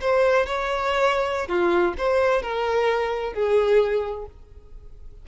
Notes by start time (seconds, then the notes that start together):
0.00 C5
0.46 C#5
1.48 F4
1.97 C5
2.42 A#4
3.33 G#4